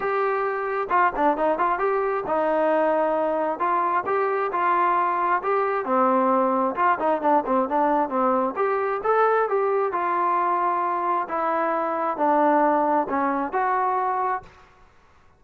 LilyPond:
\new Staff \with { instrumentName = "trombone" } { \time 4/4 \tempo 4 = 133 g'2 f'8 d'8 dis'8 f'8 | g'4 dis'2. | f'4 g'4 f'2 | g'4 c'2 f'8 dis'8 |
d'8 c'8 d'4 c'4 g'4 | a'4 g'4 f'2~ | f'4 e'2 d'4~ | d'4 cis'4 fis'2 | }